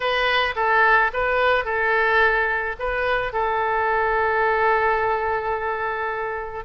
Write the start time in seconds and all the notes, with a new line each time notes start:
0.00 B4
0.55 A4
1.13 B4
1.64 A4
2.79 B4
3.32 A4